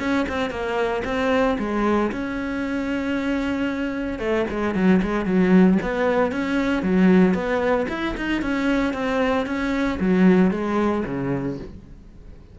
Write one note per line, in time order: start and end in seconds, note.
0.00 0.26 C#4
0.29 0.50 C4
0.50 1.03 A#3
1.05 1.58 C4
1.59 2.12 G#3
2.12 4.19 C#4
4.19 4.46 A3
4.51 4.75 G#3
4.75 5.02 F#3
5.03 5.26 G#3
5.26 5.78 F#3
5.83 6.33 B3
6.33 6.83 C#4
6.83 7.34 F#3
7.34 7.87 B3
7.89 8.15 E4
8.17 8.42 D#4
8.42 8.94 C#4
8.94 9.47 C4
9.47 9.99 C#4
10.00 10.52 F#3
10.52 11.04 G#3
11.06 11.59 C#3